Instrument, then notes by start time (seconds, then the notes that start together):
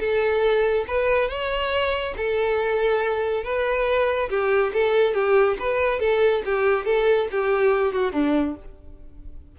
violin
0.00 A4
0.88 B4
1.29 C#5
2.17 A4
3.44 B4
4.30 G4
4.74 A4
5.15 G4
5.60 B4
6.00 A4
6.46 G4
6.86 A4
7.32 G4
7.93 F#4
8.13 D4